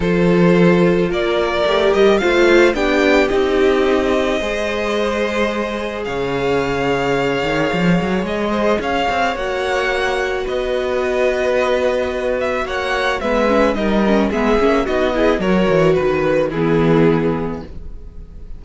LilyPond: <<
  \new Staff \with { instrumentName = "violin" } { \time 4/4 \tempo 4 = 109 c''2 d''4. dis''8 | f''4 g''4 dis''2~ | dis''2. f''4~ | f''2. dis''4 |
f''4 fis''2 dis''4~ | dis''2~ dis''8 e''8 fis''4 | e''4 dis''4 e''4 dis''4 | cis''4 b'4 gis'2 | }
  \new Staff \with { instrumentName = "violin" } { \time 4/4 a'2 ais'2 | c''4 g'2. | c''2. cis''4~ | cis''2.~ cis''8 c''8 |
cis''2. b'4~ | b'2. cis''4 | b'4 ais'4 gis'4 fis'8 gis'8 | ais'4 b'4 e'2 | }
  \new Staff \with { instrumentName = "viola" } { \time 4/4 f'2. g'4 | f'4 d'4 dis'2 | gis'1~ | gis'1~ |
gis'4 fis'2.~ | fis'1 | b8 cis'8 dis'8 cis'8 b8 cis'8 dis'8 e'8 | fis'2 b2 | }
  \new Staff \with { instrumentName = "cello" } { \time 4/4 f2 ais4 a8 g8 | a4 b4 c'2 | gis2. cis4~ | cis4. dis8 f8 fis8 gis4 |
cis'8 c'8 ais2 b4~ | b2. ais4 | gis4 g4 gis8 ais8 b4 | fis8 e8 dis4 e2 | }
>>